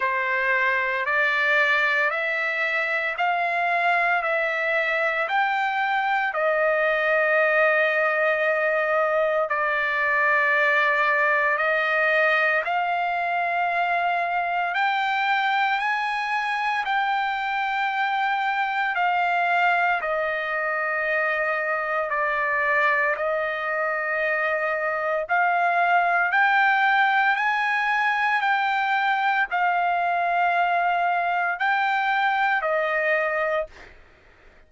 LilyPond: \new Staff \with { instrumentName = "trumpet" } { \time 4/4 \tempo 4 = 57 c''4 d''4 e''4 f''4 | e''4 g''4 dis''2~ | dis''4 d''2 dis''4 | f''2 g''4 gis''4 |
g''2 f''4 dis''4~ | dis''4 d''4 dis''2 | f''4 g''4 gis''4 g''4 | f''2 g''4 dis''4 | }